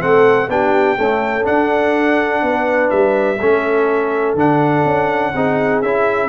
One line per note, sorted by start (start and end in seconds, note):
0.00 0.48 A3
0.00 0.48 C4
0.00 0.50 A4
0.00 0.50 F#5
0.48 0.96 B3
0.48 0.98 D4
0.48 0.98 G4
0.48 1.46 G5
0.98 1.43 A3
0.98 1.47 C#4
0.98 2.43 A4
1.43 3.37 D4
1.43 2.42 D4
1.43 2.90 F#5
2.42 2.91 B3
2.42 3.39 B4
2.90 3.40 G3
2.90 4.35 E5
3.39 4.34 A3
3.39 4.37 C#4
3.39 5.32 A4
4.34 4.83 D3
4.34 5.33 D4
4.34 5.82 F#5
4.85 5.33 C#4
5.34 5.82 C4
5.34 5.84 D#4
5.34 6.29 G#4
5.82 6.29 C#4
5.82 6.29 E4
5.82 6.29 E5